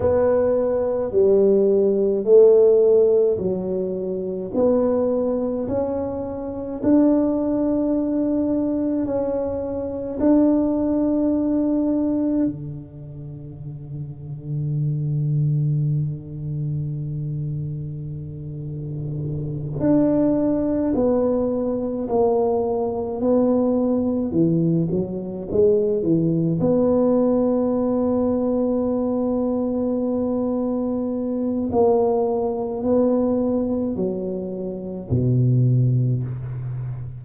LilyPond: \new Staff \with { instrumentName = "tuba" } { \time 4/4 \tempo 4 = 53 b4 g4 a4 fis4 | b4 cis'4 d'2 | cis'4 d'2 d4~ | d1~ |
d4. d'4 b4 ais8~ | ais8 b4 e8 fis8 gis8 e8 b8~ | b1 | ais4 b4 fis4 b,4 | }